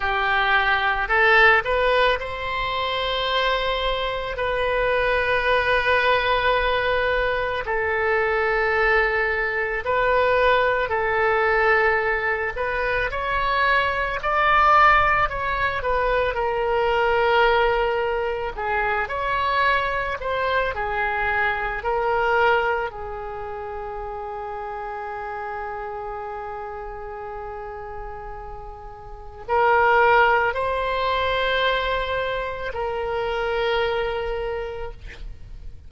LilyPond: \new Staff \with { instrumentName = "oboe" } { \time 4/4 \tempo 4 = 55 g'4 a'8 b'8 c''2 | b'2. a'4~ | a'4 b'4 a'4. b'8 | cis''4 d''4 cis''8 b'8 ais'4~ |
ais'4 gis'8 cis''4 c''8 gis'4 | ais'4 gis'2.~ | gis'2. ais'4 | c''2 ais'2 | }